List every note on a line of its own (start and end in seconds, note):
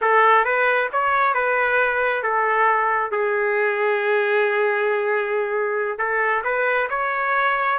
0.01 0.44 A4
0.44 0.89 B4
0.92 1.34 C#5
1.34 2.22 B4
2.22 3.11 A4
3.11 5.98 G#4
5.98 6.42 A4
6.43 6.88 B4
6.89 7.78 C#5